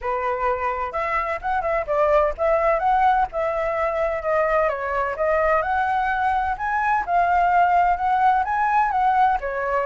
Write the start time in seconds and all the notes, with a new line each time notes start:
0.01 B4
0.92 E5
1.41 F#5
1.61 E5
1.86 D5
2.37 E5
2.79 F#5
3.32 E5
4.22 D#5
4.69 C#5
5.16 D#5
5.62 F#5
6.57 G#5
7.06 F5
7.96 F#5
8.44 G#5
8.91 F#5
9.40 C#5